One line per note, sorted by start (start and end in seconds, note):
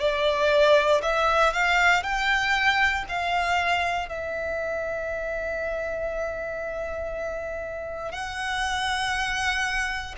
0.00 1.02 D5
1.03 1.53 E5
1.53 2.03 F5
2.03 3.05 G5
3.09 4.09 F5
4.09 8.12 E5
8.12 10.16 F#5